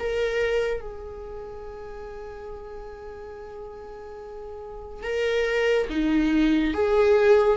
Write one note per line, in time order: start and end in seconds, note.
0.00 0.81 A#4
0.81 5.03 G#4
5.03 5.88 A#4
5.90 6.74 D#4
6.74 7.57 G#4